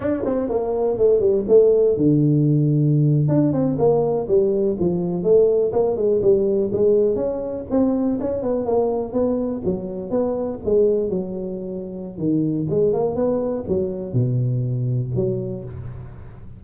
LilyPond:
\new Staff \with { instrumentName = "tuba" } { \time 4/4 \tempo 4 = 123 d'8 c'8 ais4 a8 g8 a4 | d2~ d8. d'8 c'8 ais16~ | ais8. g4 f4 a4 ais16~ | ais16 gis8 g4 gis4 cis'4 c'16~ |
c'8. cis'8 b8 ais4 b4 fis16~ | fis8. b4 gis4 fis4~ fis16~ | fis4 dis4 gis8 ais8 b4 | fis4 b,2 fis4 | }